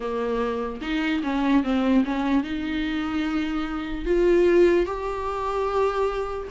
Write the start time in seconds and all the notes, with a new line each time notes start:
0.00 A#3
0.81 D#4
1.23 C#4
1.63 C4
2.05 C#4
2.43 D#4
4.05 F4
4.85 G4